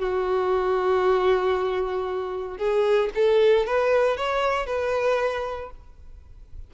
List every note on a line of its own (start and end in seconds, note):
0.00 2.58 F#4
2.58 3.10 G#4
3.15 3.67 A4
3.67 4.17 B4
4.17 4.67 C#5
4.67 5.71 B4